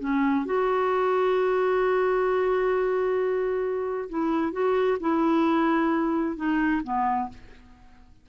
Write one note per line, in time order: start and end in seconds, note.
0.00 0.45 C#4
0.45 4.09 F#4
4.10 4.52 E4
4.52 4.98 F#4
5.00 6.37 E4
6.37 6.82 D#4
6.84 7.29 B3